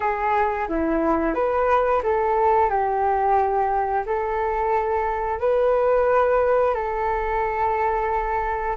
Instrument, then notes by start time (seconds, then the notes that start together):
flute
0.00 G#4
0.68 E4
1.34 B4
2.03 A4
2.69 G4
4.06 A4
5.39 B4
6.74 A4